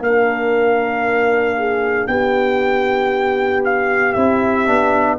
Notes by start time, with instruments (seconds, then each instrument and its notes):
0.00 tuba A#3, trombone D4, horn A#4, trumpet F5
1.58 horn G#4
2.07 tuba B3, horn G4, trumpet G5
3.64 trumpet F5
4.13 tuba C4, trombone E4, trumpet E5
4.66 tuba B3, trombone D4